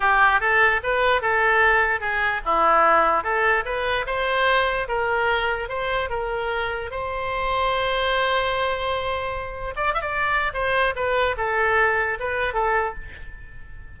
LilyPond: \new Staff \with { instrumentName = "oboe" } { \time 4/4 \tempo 4 = 148 g'4 a'4 b'4 a'4~ | a'4 gis'4 e'2 | a'4 b'4 c''2 | ais'2 c''4 ais'4~ |
ais'4 c''2.~ | c''1 | d''8 e''16 d''4~ d''16 c''4 b'4 | a'2 b'4 a'4 | }